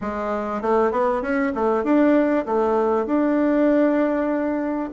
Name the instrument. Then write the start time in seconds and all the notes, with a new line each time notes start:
bassoon
0.01 G#3
0.61 A3
0.91 B3
1.21 C#4
1.54 A3
1.84 D4
2.45 A3
3.06 D4